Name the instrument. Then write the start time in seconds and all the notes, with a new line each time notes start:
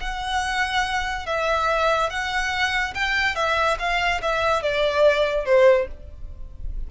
violin
0.00 F#5
1.26 E5
2.10 F#5
2.94 G5
3.35 E5
3.79 F5
4.21 E5
4.62 D5
5.45 C5